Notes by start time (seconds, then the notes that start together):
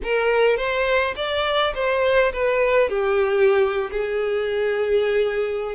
0.03 A#4
0.56 C5
1.15 D5
1.74 C5
2.32 B4
2.89 G4
3.91 G#4